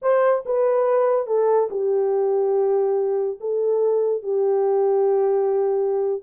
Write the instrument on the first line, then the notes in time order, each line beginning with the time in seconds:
horn
0.02 C5
0.45 B4
1.26 A4
1.70 G4
3.40 A4
4.22 G4